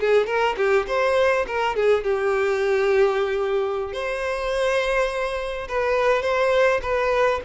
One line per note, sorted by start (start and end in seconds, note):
0.00 0.26 G#4
0.26 0.55 A#4
0.57 0.86 G4
0.87 1.46 C5
1.47 1.76 A#4
1.76 2.03 G#4
2.03 3.93 G4
3.93 5.68 C5
5.68 6.22 B4
6.22 6.80 C5
6.82 7.40 B4